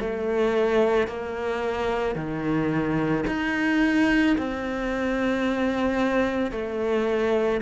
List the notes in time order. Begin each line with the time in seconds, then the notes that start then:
0.00 A3
1.07 A#3
2.15 D#3
3.27 D#4
4.37 C4
6.52 A3